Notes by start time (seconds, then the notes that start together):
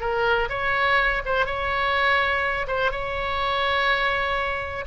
0.00 A#4
0.49 C#5
1.25 C5
1.46 C#5
2.67 C5
2.91 C#5